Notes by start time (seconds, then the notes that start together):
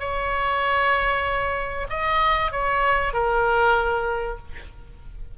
0.00 C#5
1.90 D#5
2.52 C#5
3.13 A#4